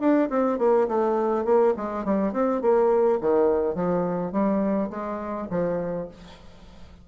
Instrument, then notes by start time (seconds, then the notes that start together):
bassoon
0.00 D4
0.30 C4
0.58 A#3
0.88 A3
1.45 A#3
1.77 G#3
2.05 G3
2.33 C4
2.61 A#3
3.21 D#3
3.75 F3
4.32 G3
4.90 G#3
5.50 F3